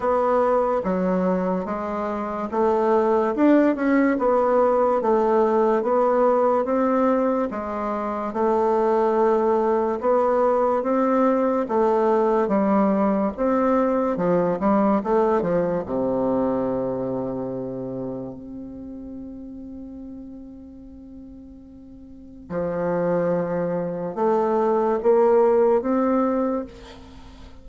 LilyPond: \new Staff \with { instrumentName = "bassoon" } { \time 4/4 \tempo 4 = 72 b4 fis4 gis4 a4 | d'8 cis'8 b4 a4 b4 | c'4 gis4 a2 | b4 c'4 a4 g4 |
c'4 f8 g8 a8 f8 c4~ | c2 c'2~ | c'2. f4~ | f4 a4 ais4 c'4 | }